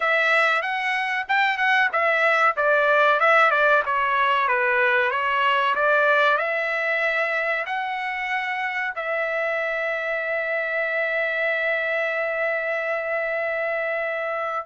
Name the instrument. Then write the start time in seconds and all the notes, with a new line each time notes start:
trumpet
0.00 E5
0.62 F#5
1.28 G5
1.57 F#5
1.92 E5
2.56 D5
3.19 E5
3.50 D5
3.85 C#5
4.48 B4
5.11 C#5
5.75 D5
6.37 E5
7.65 F#5
8.95 E5